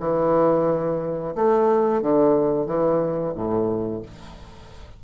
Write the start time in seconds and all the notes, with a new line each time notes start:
0.00 E3
1.35 A3
2.02 D3
2.66 E3
3.35 A2